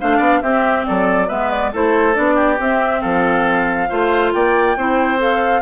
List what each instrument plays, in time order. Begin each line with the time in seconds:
0.00 bassoon A3, clarinet D4, oboe C5, flute F5
0.17 bassoon B3, oboe D5
0.42 bassoon C4, clarinet C4, oboe G4, flute E5
0.86 bassoon F#3, oboe A4, flute D5
1.28 bassoon G#3, clarinet B3, oboe B4, flute E5
1.51 flute D5
1.73 bassoon A3, clarinet E4, oboe A4, flute C5
2.14 bassoon B3, clarinet D4, flute D5
2.35 oboe G4
2.59 bassoon C4, clarinet C4, flute E5
3.02 bassoon F3, oboe A4, flute F5
3.90 bassoon A3, clarinet F4, oboe C5
4.33 bassoon A#3, oboe D5, flute G5
4.77 bassoon C4, clarinet E4, oboe C5
5.19 clarinet A4, flute F5